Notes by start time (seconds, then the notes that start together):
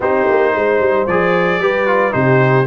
0.00 C4 D#4 G4 C5
0.28 A#3
0.55 G#3 C5
0.80 G3
1.06 F3 G#4 D5
1.59 G3 G4 B4
1.86 F4
2.11 C3 D#4 G4 C5